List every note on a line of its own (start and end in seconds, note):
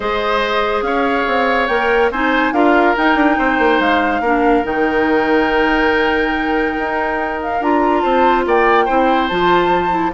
0.00 0.81 G#3
0.00 1.69 G#4
0.00 0.84 C5
0.00 0.82 D#5
0.81 1.24 C#4
0.81 2.11 C#5
0.81 1.67 F5
1.27 1.68 C4
1.67 2.10 A#3
1.67 2.11 A#4
1.67 2.09 G5
2.10 2.52 C4
2.10 2.53 D#4
2.10 2.53 C5
2.10 2.53 G#5
2.52 2.94 D4
2.52 2.95 F4
2.52 3.37 A#4
2.52 2.95 F5
2.96 4.23 D#4
2.96 3.15 D#4
2.96 3.80 G5
3.15 3.36 D4
3.37 3.58 C4
3.37 4.21 C5
3.58 3.79 A#3
3.79 4.20 G#3
3.79 4.64 F5
4.20 4.62 A#3
4.20 4.63 D4
4.20 8.01 A#4
4.63 6.76 D#3
4.63 7.59 D#4
4.63 7.40 G5
6.78 7.60 D#4
7.41 7.62 F5
7.60 8.03 D4
7.60 8.87 F4
7.60 8.00 A#5
8.00 8.46 C4
8.00 8.44 C5
8.00 8.42 A5
8.46 8.88 A#3
8.46 8.85 D5
8.46 9.28 G5
8.85 9.31 C4
8.85 9.29 E4
8.85 10.12 C5
9.28 10.13 F3
9.28 9.89 F4
9.28 10.12 A5
9.89 10.11 E4